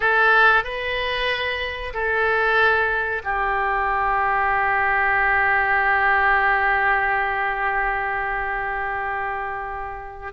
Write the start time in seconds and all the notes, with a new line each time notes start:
0.00 A4
0.64 B4
1.93 A4
3.24 G4